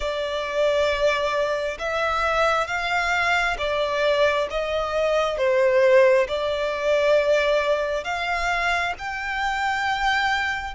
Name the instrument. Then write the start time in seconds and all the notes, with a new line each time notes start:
violin
0.00 D5
1.78 E5
2.67 F5
3.58 D5
4.50 D#5
5.37 C5
6.27 D5
8.04 F5
8.98 G5